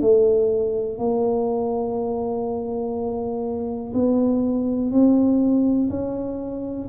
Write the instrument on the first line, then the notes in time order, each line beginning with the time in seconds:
tuba
0.00 A3
0.98 A#3
3.93 B3
4.91 C4
5.90 C#4